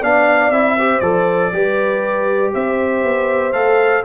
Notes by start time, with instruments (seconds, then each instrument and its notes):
0.00 tuba B3, trombone D4, horn D5, trumpet F5
0.50 tuba C4, trombone E4, trumpet E5
0.77 trombone G4, horn C5
1.00 tuba F3, trombone A4, trumpet D5
1.52 tuba G3, trombone G4, horn B4
2.53 tuba C4, horn C5, trumpet E5
3.04 tuba B3
3.52 tuba A3, trombone A4, trumpet F5